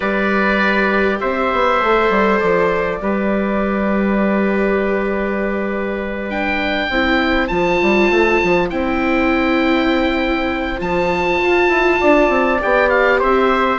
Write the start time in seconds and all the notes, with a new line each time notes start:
0.00 G3 G4 B4 D5
1.20 C4 C5 E5
1.52 B3
1.80 A3 A4
2.10 G3
2.40 F3 D5
3.00 G3 G4 B4
6.29 D4 G5
6.89 C4 E4 C5
7.47 F3 F4 A5
7.81 G3
8.10 A3
8.43 F3
8.70 C4 E4 G5
10.78 F3 F4 A5
11.42 F4
11.68 E4
12.00 D4 D5
12.29 C4
12.59 B3 G4 G5
12.89 F5
13.19 C4 C5 E5